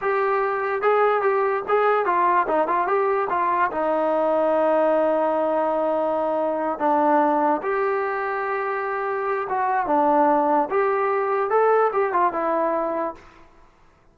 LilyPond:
\new Staff \with { instrumentName = "trombone" } { \time 4/4 \tempo 4 = 146 g'2 gis'4 g'4 | gis'4 f'4 dis'8 f'8 g'4 | f'4 dis'2.~ | dis'1~ |
dis'8 d'2 g'4.~ | g'2. fis'4 | d'2 g'2 | a'4 g'8 f'8 e'2 | }